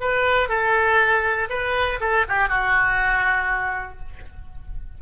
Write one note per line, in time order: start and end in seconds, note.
0.00 0.49 B4
0.49 1.49 A4
1.49 1.99 B4
2.00 2.25 A4
2.28 2.48 G4
2.48 3.98 F#4